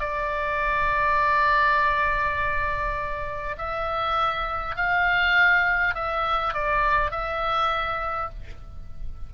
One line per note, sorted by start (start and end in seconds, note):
0.00 3.56 D5
3.58 4.76 E5
4.76 5.95 F5
5.95 6.54 E5
6.54 7.12 D5
7.12 8.30 E5